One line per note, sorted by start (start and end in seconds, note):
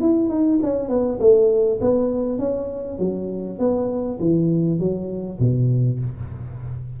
0.00 0.29 E4
0.29 0.59 D#4
0.62 0.88 C#4
0.88 1.18 B3
1.19 1.79 A3
1.80 2.38 B3
2.38 2.98 C#4
2.98 3.58 F#3
3.58 4.18 B3
4.19 4.79 E3
4.79 5.39 F#3
5.39 5.99 B2